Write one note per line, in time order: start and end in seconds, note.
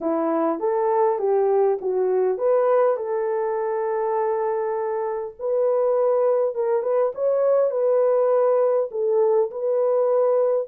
0.00 0.59 E4
0.59 1.19 A4
1.19 1.78 G4
1.81 2.38 F#4
2.38 2.96 B4
2.96 5.34 A4
5.39 6.54 B4
6.54 6.82 A#4
6.82 7.12 B4
7.14 7.71 C#5
7.71 8.89 B4
8.91 9.50 A4
9.50 10.67 B4